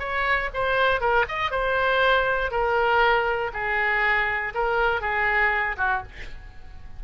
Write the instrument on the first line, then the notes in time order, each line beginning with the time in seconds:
oboe
0.00 C#5
0.54 C5
1.01 A#4
1.28 D#5
1.52 C5
2.52 A#4
3.54 G#4
4.55 A#4
5.01 G#4
5.78 F#4